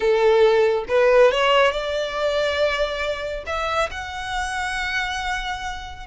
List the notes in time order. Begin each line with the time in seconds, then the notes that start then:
0.00 A4
0.88 B4
1.31 C#5
1.71 D5
3.46 E5
3.90 F#5